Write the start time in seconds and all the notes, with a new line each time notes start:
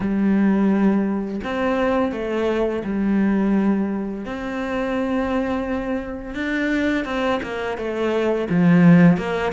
0.00 G3
1.43 C4
2.12 A3
2.84 G3
4.25 C4
6.34 D4
7.05 C4
7.42 A#3
7.77 A3
8.49 F3
9.17 A#3